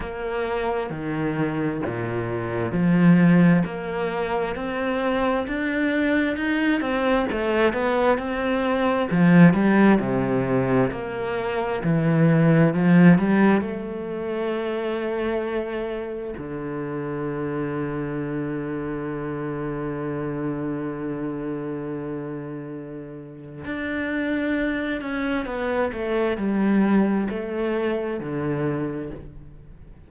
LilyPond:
\new Staff \with { instrumentName = "cello" } { \time 4/4 \tempo 4 = 66 ais4 dis4 ais,4 f4 | ais4 c'4 d'4 dis'8 c'8 | a8 b8 c'4 f8 g8 c4 | ais4 e4 f8 g8 a4~ |
a2 d2~ | d1~ | d2 d'4. cis'8 | b8 a8 g4 a4 d4 | }